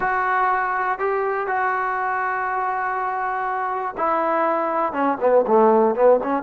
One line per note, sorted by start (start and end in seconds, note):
0.00 0.98 F#4
0.98 1.47 G4
1.47 3.95 F#4
3.97 4.92 E4
4.92 5.17 C#4
5.20 5.45 B3
5.47 5.95 A3
5.95 6.19 B3
6.23 6.43 C#4